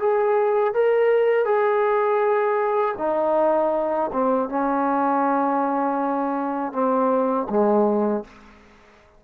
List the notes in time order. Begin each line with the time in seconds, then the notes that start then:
0.00 G#4
0.74 A#4
1.45 G#4
2.98 D#4
4.13 C4
4.49 C#4
6.73 C4
7.50 G#3